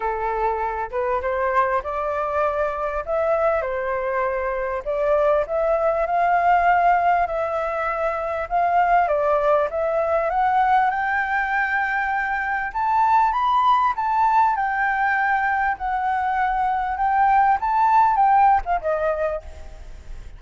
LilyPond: \new Staff \with { instrumentName = "flute" } { \time 4/4 \tempo 4 = 99 a'4. b'8 c''4 d''4~ | d''4 e''4 c''2 | d''4 e''4 f''2 | e''2 f''4 d''4 |
e''4 fis''4 g''2~ | g''4 a''4 b''4 a''4 | g''2 fis''2 | g''4 a''4 g''8. f''16 dis''4 | }